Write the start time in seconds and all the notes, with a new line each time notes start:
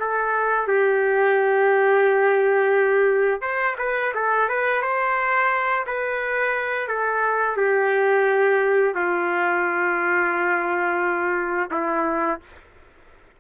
0.00 A4
0.68 G4
3.42 C5
3.78 B4
4.15 A4
4.49 B4
4.82 C5
5.87 B4
6.88 A4
7.57 G4
8.95 F4
11.71 E4